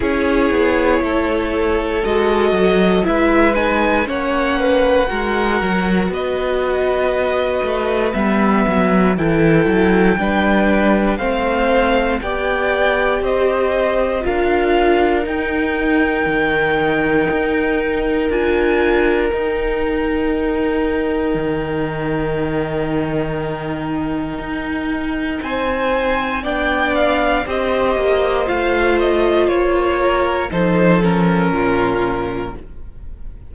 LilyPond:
<<
  \new Staff \with { instrumentName = "violin" } { \time 4/4 \tempo 4 = 59 cis''2 dis''4 e''8 gis''8 | fis''2 dis''2 | e''4 g''2 f''4 | g''4 dis''4 f''4 g''4~ |
g''2 gis''4 g''4~ | g''1~ | g''4 gis''4 g''8 f''8 dis''4 | f''8 dis''8 cis''4 c''8 ais'4. | }
  \new Staff \with { instrumentName = "violin" } { \time 4/4 gis'4 a'2 b'4 | cis''8 b'8 ais'4 b'2~ | b'4 a'4 b'4 c''4 | d''4 c''4 ais'2~ |
ais'1~ | ais'1~ | ais'4 c''4 d''4 c''4~ | c''4. ais'8 a'4 f'4 | }
  \new Staff \with { instrumentName = "viola" } { \time 4/4 e'2 fis'4 e'8 dis'8 | cis'4 fis'2. | b4 e'4 d'4 c'4 | g'2 f'4 dis'4~ |
dis'2 f'4 dis'4~ | dis'1~ | dis'2 d'4 g'4 | f'2 dis'8 cis'4. | }
  \new Staff \with { instrumentName = "cello" } { \time 4/4 cis'8 b8 a4 gis8 fis8 gis4 | ais4 gis8 fis8 b4. a8 | g8 fis8 e8 fis8 g4 a4 | b4 c'4 d'4 dis'4 |
dis4 dis'4 d'4 dis'4~ | dis'4 dis2. | dis'4 c'4 b4 c'8 ais8 | a4 ais4 f4 ais,4 | }
>>